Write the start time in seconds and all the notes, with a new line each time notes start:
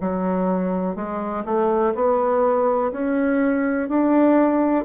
0.00 F#3
0.95 G#3
1.45 A3
1.94 B3
2.92 C#4
3.88 D4